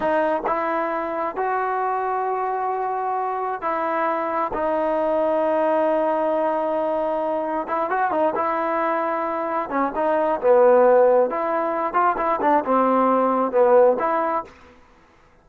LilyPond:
\new Staff \with { instrumentName = "trombone" } { \time 4/4 \tempo 4 = 133 dis'4 e'2 fis'4~ | fis'1 | e'2 dis'2~ | dis'1~ |
dis'4 e'8 fis'8 dis'8 e'4.~ | e'4. cis'8 dis'4 b4~ | b4 e'4. f'8 e'8 d'8 | c'2 b4 e'4 | }